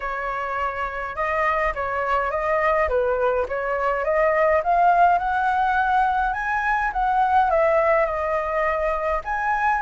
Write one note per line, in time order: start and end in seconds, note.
0.00 1.15 C#5
1.15 1.73 D#5
1.74 2.30 C#5
2.30 2.88 D#5
2.88 3.46 B4
3.48 4.04 C#5
4.04 4.62 D#5
4.63 5.18 F5
5.18 6.33 F#5
6.33 6.91 G#5
6.93 7.50 F#5
7.50 8.05 E5
8.05 9.21 D#5
9.24 9.81 G#5